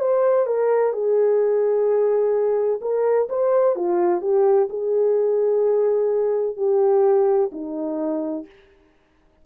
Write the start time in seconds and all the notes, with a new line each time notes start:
0.00 C5
0.47 A#4
0.93 G#4
2.82 A#4
3.29 C5
3.76 F4
4.21 G4
4.70 G#4
6.57 G4
7.52 D#4